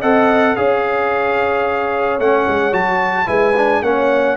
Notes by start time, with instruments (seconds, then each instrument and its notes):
0.00 tuba C4, trombone A4, horn D#5, trumpet F#5
0.56 tuba C#4, trombone G#4, horn C#5, trumpet F5
2.19 tuba A3, trombone C#4, trumpet F#5
2.48 tuba G#3
2.72 tuba F#3, trombone F#4, trumpet A5
3.26 tuba G#3, trombone E4, horn B4, trumpet G#5
3.57 trombone D4
3.82 tuba A#3, trombone C#4, horn C#5, trumpet F#5